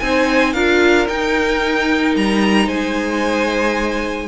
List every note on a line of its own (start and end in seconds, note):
0.00 0.54 C4
0.00 0.56 D#4
0.00 0.54 C5
0.00 0.53 G#5
0.53 1.08 D4
0.53 1.08 F4
0.53 2.67 A#4
0.53 1.07 F5
1.08 4.28 D#4
1.08 2.16 D#4
1.08 2.16 G5
2.16 2.67 G3
2.16 2.69 A#5
2.67 4.28 G#3
2.67 4.27 C5
2.67 4.28 G#5